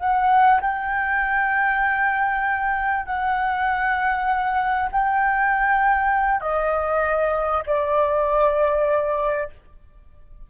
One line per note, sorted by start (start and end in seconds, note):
0.00 0.61 F#5
0.62 3.06 G5
3.06 4.90 F#5
4.92 6.41 G5
6.41 7.64 D#5
7.66 9.50 D5